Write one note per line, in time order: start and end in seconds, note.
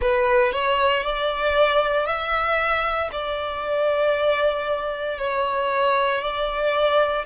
0.01 0.52 B4
0.52 1.03 C#5
1.03 2.06 D5
2.06 3.09 E5
3.11 5.18 D5
5.18 6.21 C#5
6.21 7.25 D5